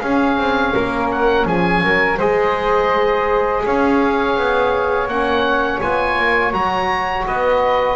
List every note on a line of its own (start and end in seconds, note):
0.00 0.38 C#4
0.00 2.20 C#4
0.00 0.72 G#4
0.00 1.09 F5
0.38 0.74 C4
0.74 1.46 A#3
0.74 1.46 A#4
1.11 1.47 F#5
1.46 1.82 F3
1.46 1.82 G#4
1.46 2.20 G#5
1.83 2.19 F#3
1.83 2.18 A#4
2.18 3.64 G#3
2.18 5.09 G#4
2.18 3.62 C5
2.18 3.64 D#5
3.66 4.37 C#4
3.66 7.27 C#5
3.66 5.09 F5
4.37 5.08 B3
5.08 5.80 A#3
5.08 5.82 C#4
5.08 5.81 F#5
5.81 6.19 B3
5.81 6.53 F4
5.81 6.54 G#5
6.19 6.53 A#3
6.53 7.26 F#3
6.53 7.96 F#4
6.53 7.26 A#5
7.27 7.96 B3
7.27 7.96 B4
7.27 7.96 D#5